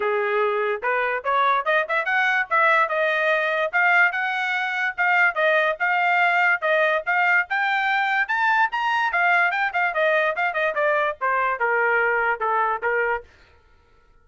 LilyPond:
\new Staff \with { instrumentName = "trumpet" } { \time 4/4 \tempo 4 = 145 gis'2 b'4 cis''4 | dis''8 e''8 fis''4 e''4 dis''4~ | dis''4 f''4 fis''2 | f''4 dis''4 f''2 |
dis''4 f''4 g''2 | a''4 ais''4 f''4 g''8 f''8 | dis''4 f''8 dis''8 d''4 c''4 | ais'2 a'4 ais'4 | }